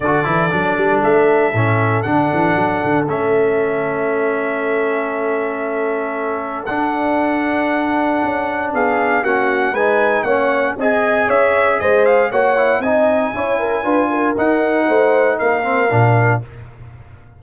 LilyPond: <<
  \new Staff \with { instrumentName = "trumpet" } { \time 4/4 \tempo 4 = 117 d''2 e''2 | fis''2 e''2~ | e''1~ | e''4 fis''2.~ |
fis''4 f''4 fis''4 gis''4 | fis''4 gis''4 e''4 dis''8 f''8 | fis''4 gis''2. | fis''2 f''2 | }
  \new Staff \with { instrumentName = "horn" } { \time 4/4 a'1~ | a'1~ | a'1~ | a'1~ |
a'4 gis'4 fis'4 b'4 | cis''4 dis''4 cis''4 c''4 | cis''4 dis''4 cis''8 ais'8 b'8 ais'8~ | ais'4 c''4 ais'2 | }
  \new Staff \with { instrumentName = "trombone" } { \time 4/4 fis'8 e'8 d'2 cis'4 | d'2 cis'2~ | cis'1~ | cis'4 d'2.~ |
d'2 cis'4 dis'4 | cis'4 gis'2. | fis'8 e'8 dis'4 e'4 f'4 | dis'2~ dis'8 c'8 d'4 | }
  \new Staff \with { instrumentName = "tuba" } { \time 4/4 d8 e8 fis8 g8 a4 a,4 | d8 e8 fis8 d8 a2~ | a1~ | a4 d'2. |
cis'4 b4 ais4 gis4 | ais4 c'4 cis'4 gis4 | ais4 c'4 cis'4 d'4 | dis'4 a4 ais4 ais,4 | }
>>